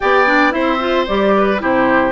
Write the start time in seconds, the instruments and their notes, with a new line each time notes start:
0.00 bassoon B3, clarinet G4, oboe D5, flute G5
0.26 clarinet D4
0.50 bassoon C4, clarinet E4, oboe C5, flute E5
0.79 clarinet F4
1.06 bassoon G3, clarinet G4, flute D5
1.36 oboe B4
1.58 bassoon C3, clarinet E4, oboe G4, flute C5